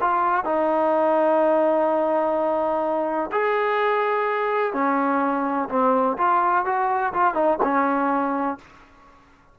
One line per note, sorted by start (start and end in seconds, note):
0.00 0.44 F4
0.44 3.30 D#4
3.32 4.73 G#4
4.73 5.68 C#4
5.69 6.16 C4
6.17 6.65 F4
6.65 7.13 F#4
7.13 7.34 F4
7.34 7.58 D#4
7.63 8.58 C#4